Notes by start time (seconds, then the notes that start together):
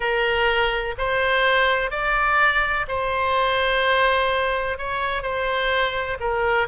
0.00 A#4
0.97 C5
1.90 D5
2.88 C5
4.77 C#5
5.22 C5
6.19 A#4